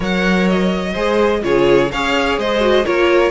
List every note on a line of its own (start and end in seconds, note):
0.00 0.94 F#3
0.00 0.92 A#4
0.00 0.93 C#5
0.00 0.48 F#5
0.48 1.43 D#5
0.93 1.43 G#3
0.93 1.42 G#4
0.93 1.40 C5
1.42 1.91 C#3
1.42 1.90 F4
1.42 1.91 G#4
1.42 1.91 C#5
1.91 2.37 C#4
1.91 2.60 G#4
1.91 2.39 C#5
1.91 2.38 F5
2.37 2.85 G#3
2.37 2.85 C5
2.37 2.85 D#5
2.60 2.84 F#4
2.84 3.30 A#3
2.84 3.30 F4
2.84 3.30 A#4
2.84 3.30 C#5